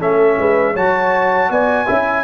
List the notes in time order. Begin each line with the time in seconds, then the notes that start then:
0.00 A3 C#4 A4 E5
0.38 G#3 B4
0.74 F#3 F#4 C#5 A5
1.50 B3 D5 G#5
1.87 C#4 E4 E5